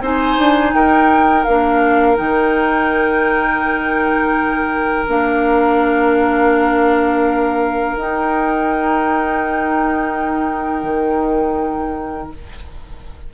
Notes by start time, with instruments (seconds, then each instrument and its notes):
0.00 bassoon C4, clarinet D#4, oboe C5, flute G#5
0.38 bassoon D4
0.73 bassoon D#4, oboe A#4, flute G5
1.44 bassoon A#3, clarinet D4, flute F5
2.16 bassoon D#3, clarinet D#4, flute G5
5.07 bassoon A#3, clarinet D4, flute F5
7.96 bassoon D#4, clarinet D#4, flute G5
10.83 bassoon D#3